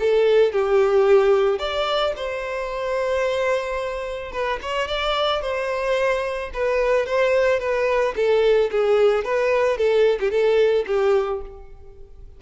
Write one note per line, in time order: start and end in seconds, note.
0.00 0.53 A4
0.53 1.59 G4
1.59 2.14 D5
2.17 4.32 C5
4.32 4.60 B4
4.62 4.88 C#5
4.88 5.42 D5
5.42 6.51 C5
6.54 7.06 B4
7.06 7.60 C5
7.60 8.15 B4
8.16 8.71 A4
8.72 9.25 G#4
9.25 9.78 B4
9.78 10.19 A4
10.20 10.31 G4
10.31 10.86 A4
10.87 11.42 G4